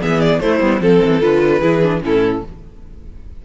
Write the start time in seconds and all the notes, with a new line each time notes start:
0.00 E3 B3 G#4 E5
0.20 D5
0.40 A3 E4 C5
0.60 G3 B3
0.80 F3 C4 A4
1.05 E3
1.21 D3 F4 B4
1.60 E3 E4 G#4
1.82 D4
2.02 A2 C#4 E4 A4